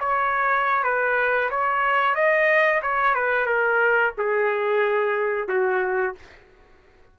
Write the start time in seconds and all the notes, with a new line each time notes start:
0.00 C#5
0.83 B4
1.50 C#5
2.15 D#5
2.82 C#5
3.15 B4
3.46 A#4
4.18 G#4
5.48 F#4